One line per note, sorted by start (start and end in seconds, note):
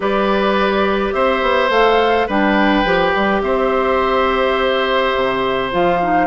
0.00 1.13 G3
0.00 1.70 G4
0.00 1.14 B4
0.00 1.12 D5
1.12 1.41 C4
1.12 2.27 C5
1.12 1.69 E5
1.41 1.69 B3
1.69 2.26 A3
1.69 2.27 A4
1.69 2.28 F5
2.27 2.84 G3
2.27 2.85 D4
2.27 3.41 B4
2.27 3.42 G5
2.84 3.13 F3
2.84 5.71 G4
3.15 3.41 G3
3.41 5.13 C4
3.41 6.27 C5
3.41 5.70 E5
5.15 5.72 C3
5.71 6.27 F3
5.71 5.99 F4
5.71 6.27 F5
6.01 6.27 D#4